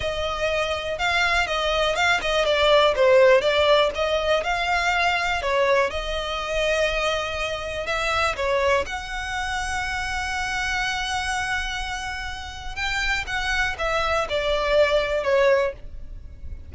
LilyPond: \new Staff \with { instrumentName = "violin" } { \time 4/4 \tempo 4 = 122 dis''2 f''4 dis''4 | f''8 dis''8 d''4 c''4 d''4 | dis''4 f''2 cis''4 | dis''1 |
e''4 cis''4 fis''2~ | fis''1~ | fis''2 g''4 fis''4 | e''4 d''2 cis''4 | }